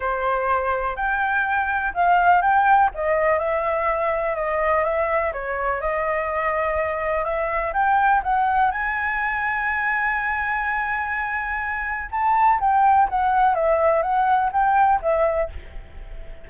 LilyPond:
\new Staff \with { instrumentName = "flute" } { \time 4/4 \tempo 4 = 124 c''2 g''2 | f''4 g''4 dis''4 e''4~ | e''4 dis''4 e''4 cis''4 | dis''2. e''4 |
g''4 fis''4 gis''2~ | gis''1~ | gis''4 a''4 g''4 fis''4 | e''4 fis''4 g''4 e''4 | }